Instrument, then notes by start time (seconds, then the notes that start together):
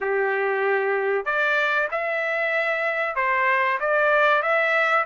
trumpet
0.00 G4
1.25 D5
1.91 E5
3.15 C5
3.80 D5
4.42 E5